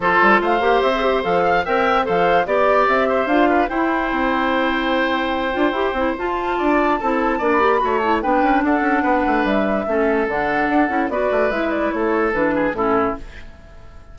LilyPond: <<
  \new Staff \with { instrumentName = "flute" } { \time 4/4 \tempo 4 = 146 c''4 f''4 e''4 f''4 | g''4 f''4 d''4 e''4 | f''4 g''2.~ | g''2. a''4~ |
a''2~ a''16 b''4~ b''16 a''8 | g''4 fis''2 e''4~ | e''4 fis''2 d''4 | e''8 d''8 cis''4 b'4 a'4 | }
  \new Staff \with { instrumentName = "oboe" } { \time 4/4 a'4 c''2~ c''8 f''8 | e''4 c''4 d''4. c''8~ | c''8 b'8 c''2.~ | c''1 |
d''4 a'4 d''4 cis''4 | b'4 a'4 b'2 | a'2. b'4~ | b'4 a'4. gis'8 e'4 | }
  \new Staff \with { instrumentName = "clarinet" } { \time 4/4 f'4. g'8. gis'16 g'8 a'4 | ais'4 a'4 g'2 | f'4 e'2.~ | e'4. f'8 g'8 e'8 f'4~ |
f'4 e'4 d'8 g'8 fis'8 e'8 | d'1 | cis'4 d'4. e'8 fis'4 | e'2 d'4 cis'4 | }
  \new Staff \with { instrumentName = "bassoon" } { \time 4/4 f8 g8 a8 ais8 c'4 f4 | c'4 f4 b4 c'4 | d'4 e'4 c'2~ | c'4. d'8 e'8 c'8 f'4 |
d'4 c'4 ais4 a4 | b8 cis'8 d'8 cis'8 b8 a8 g4 | a4 d4 d'8 cis'8 b8 a8 | gis4 a4 e4 a,4 | }
>>